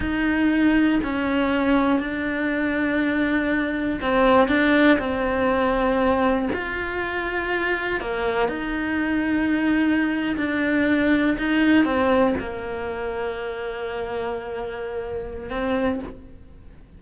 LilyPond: \new Staff \with { instrumentName = "cello" } { \time 4/4 \tempo 4 = 120 dis'2 cis'2 | d'1 | c'4 d'4 c'2~ | c'4 f'2. |
ais4 dis'2.~ | dis'8. d'2 dis'4 c'16~ | c'8. ais2.~ ais16~ | ais2. c'4 | }